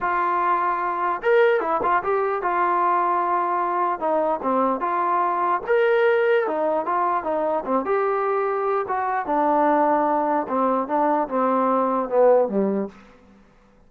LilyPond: \new Staff \with { instrumentName = "trombone" } { \time 4/4 \tempo 4 = 149 f'2. ais'4 | e'8 f'8 g'4 f'2~ | f'2 dis'4 c'4 | f'2 ais'2 |
dis'4 f'4 dis'4 c'8 g'8~ | g'2 fis'4 d'4~ | d'2 c'4 d'4 | c'2 b4 g4 | }